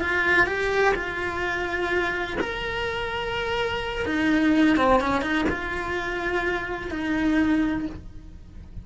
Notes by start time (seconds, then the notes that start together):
0.00 F4
0.46 G4
0.94 F4
2.40 A#4
4.05 D#4
4.76 C4
5.00 C#4
5.21 D#4
5.49 F4
6.91 D#4